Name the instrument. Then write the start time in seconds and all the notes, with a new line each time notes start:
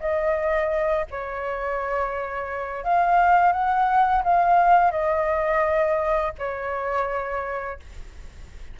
flute
0.00 D#5
1.11 C#5
2.84 F5
3.52 F#5
4.24 F5
4.92 D#5
6.39 C#5